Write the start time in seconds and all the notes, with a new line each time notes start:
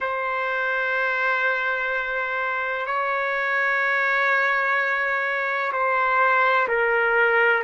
0.00 C5
2.86 C#5
5.72 C5
6.68 A#4